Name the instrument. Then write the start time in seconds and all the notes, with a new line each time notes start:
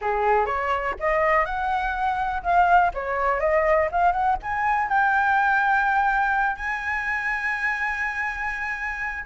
flute
0.01 G#4
0.46 C#5
0.99 D#5
1.45 F#5
2.42 F5
2.94 C#5
3.39 D#5
3.91 F5
4.12 F#5
4.42 G#5
4.88 G5
6.56 G#5